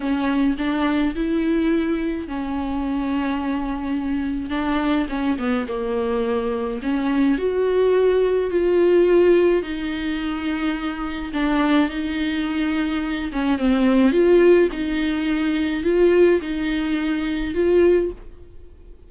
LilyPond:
\new Staff \with { instrumentName = "viola" } { \time 4/4 \tempo 4 = 106 cis'4 d'4 e'2 | cis'1 | d'4 cis'8 b8 ais2 | cis'4 fis'2 f'4~ |
f'4 dis'2. | d'4 dis'2~ dis'8 cis'8 | c'4 f'4 dis'2 | f'4 dis'2 f'4 | }